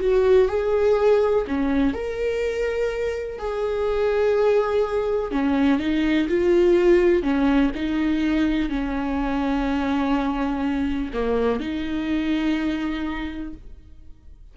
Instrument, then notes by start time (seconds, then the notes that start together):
viola
0.00 F#4
0.48 G#4
1.47 C#4
1.93 A#4
3.38 G#4
5.31 C#4
5.79 D#4
6.28 F4
7.22 C#4
7.75 D#4
8.69 C#4
11.13 A#3
11.60 D#4